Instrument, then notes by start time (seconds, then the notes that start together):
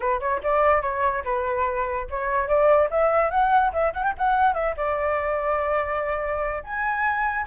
flute
0.00 B4
0.20 C#5
0.43 D5
0.82 C#5
1.24 B4
2.10 C#5
2.48 D5
2.90 E5
3.30 F#5
3.72 E5
3.93 F#5
4.03 G5
4.17 F#5
4.54 E5
4.76 D5
6.63 G#5